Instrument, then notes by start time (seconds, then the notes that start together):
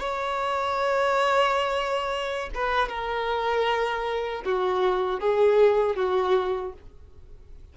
violin
0.00 C#5
2.55 B4
2.89 A#4
4.45 F#4
5.20 G#4
5.96 F#4